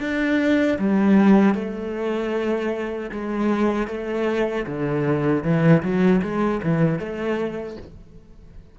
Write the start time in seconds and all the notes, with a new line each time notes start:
0.00 D4
0.79 G3
1.55 A3
3.12 G#3
3.88 A3
4.67 D3
5.44 E3
5.83 F#3
6.22 G#3
6.63 E3
7.00 A3